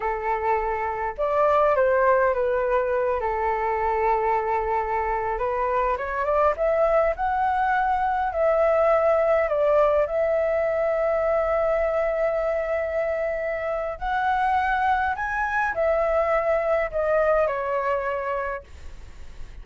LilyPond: \new Staff \with { instrumentName = "flute" } { \time 4/4 \tempo 4 = 103 a'2 d''4 c''4 | b'4. a'2~ a'8~ | a'4~ a'16 b'4 cis''8 d''8 e''8.~ | e''16 fis''2 e''4.~ e''16~ |
e''16 d''4 e''2~ e''8.~ | e''1 | fis''2 gis''4 e''4~ | e''4 dis''4 cis''2 | }